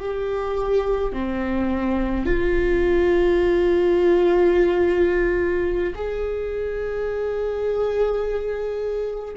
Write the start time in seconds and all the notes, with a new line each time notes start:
0.00 G4
1.13 C4
2.26 F4
5.95 G#4